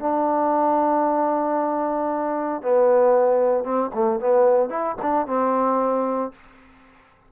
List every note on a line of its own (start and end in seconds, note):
0.00 2.62 D4
2.62 3.64 B3
3.64 3.91 C4
3.94 4.20 A3
4.20 4.70 B3
4.70 4.96 E4
5.02 5.27 D4
5.27 6.32 C4